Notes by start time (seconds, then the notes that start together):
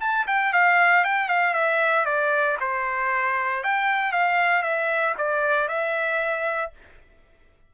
0.00 A5
0.27 G5
0.53 F5
1.04 G5
1.28 F5
1.54 E5
2.05 D5
2.60 C5
3.63 G5
4.12 F5
4.63 E5
5.17 D5
5.68 E5